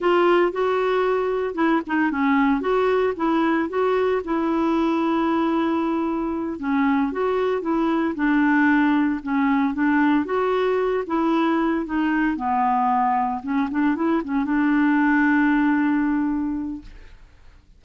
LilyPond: \new Staff \with { instrumentName = "clarinet" } { \time 4/4 \tempo 4 = 114 f'4 fis'2 e'8 dis'8 | cis'4 fis'4 e'4 fis'4 | e'1~ | e'8 cis'4 fis'4 e'4 d'8~ |
d'4. cis'4 d'4 fis'8~ | fis'4 e'4. dis'4 b8~ | b4. cis'8 d'8 e'8 cis'8 d'8~ | d'1 | }